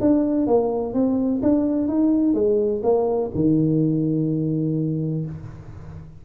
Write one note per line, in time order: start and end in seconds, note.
0.00 0.46 D4
0.46 0.93 A#3
0.93 1.41 C4
1.42 1.88 D4
1.88 2.34 D#4
2.34 2.81 G#3
2.83 3.31 A#3
3.34 5.25 D#3